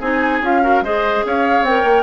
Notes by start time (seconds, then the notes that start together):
0.00 C4 D#4 G#4 G#5
0.42 C#4 F4 F5
0.62 F#4 A#4
0.82 G#3 G#4 C5 D#5
1.26 C#4 C#5 F5
1.62 C4 A#4 G5
1.84 A#3